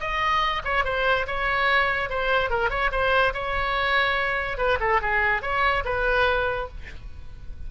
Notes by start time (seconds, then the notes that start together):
0.00 D#5
0.64 C#5
0.84 C5
1.27 C#5
2.09 C5
2.50 A#4
2.70 C#5
2.91 C5
3.33 C#5
4.58 B4
4.80 A4
5.02 G#4
5.42 C#5
5.85 B4